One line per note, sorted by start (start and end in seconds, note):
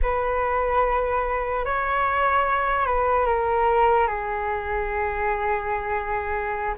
0.02 1.65 B4
1.65 2.86 C#5
2.86 3.26 B4
3.26 4.07 A#4
4.07 6.74 G#4